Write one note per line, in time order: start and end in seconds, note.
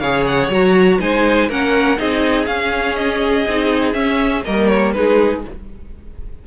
0.00 0.49 C#3
0.00 0.52 G#4
0.00 0.99 C#5
0.00 0.25 F5
0.26 0.51 F#5
0.49 0.99 F#3
0.49 1.00 F#4
0.49 1.01 A#5
1.00 1.49 G#3
1.00 1.49 D#4
1.00 1.49 C5
1.00 1.50 G#5
1.49 1.98 A#3
1.49 1.97 C#4
1.49 1.98 A#4
1.49 2.00 F#5
1.97 2.47 C4
1.97 2.47 D#4
1.97 4.45 G#4
1.97 2.46 D#5
2.46 3.45 C#4
2.46 3.46 C#4
2.46 2.95 F5
2.95 3.93 D#5
3.47 3.95 C4
3.47 3.94 D#4
3.93 4.43 C#4
3.93 4.44 C#4
3.93 4.43 E5
4.45 4.96 G3
4.45 4.95 A#3
4.45 4.95 A#4
4.45 4.68 D#5
4.68 4.93 C#5
4.93 5.45 G#3
4.93 5.44 D#4
4.93 5.47 G#4
4.93 5.42 B4